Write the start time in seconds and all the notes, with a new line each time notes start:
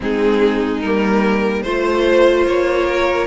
0.00 G#3 C4 D#4 G#4
0.80 G3 A#3 A#4
1.62 A3 F4 C5
2.46 A#3 C#5
2.86 A#4